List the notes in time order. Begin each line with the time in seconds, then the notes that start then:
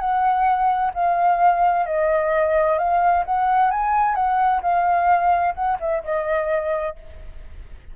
0.00 F#5
0.94 F5
1.86 D#5
2.79 F5
3.26 F#5
3.71 G#5
4.16 F#5
4.63 F5
5.55 F#5
5.80 E5
6.04 D#5